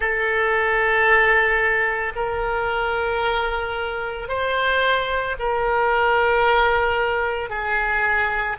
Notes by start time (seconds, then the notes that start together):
0.00 A4
2.15 A#4
4.28 C5
5.39 A#4
7.49 G#4